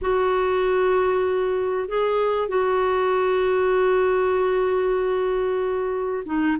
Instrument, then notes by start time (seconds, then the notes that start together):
clarinet
0.01 F#4
1.88 G#4
2.48 F#4
6.25 D#4